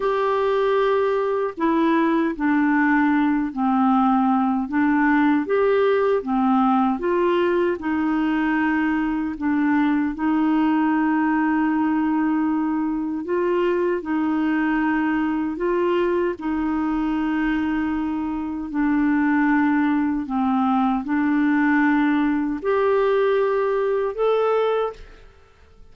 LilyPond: \new Staff \with { instrumentName = "clarinet" } { \time 4/4 \tempo 4 = 77 g'2 e'4 d'4~ | d'8 c'4. d'4 g'4 | c'4 f'4 dis'2 | d'4 dis'2.~ |
dis'4 f'4 dis'2 | f'4 dis'2. | d'2 c'4 d'4~ | d'4 g'2 a'4 | }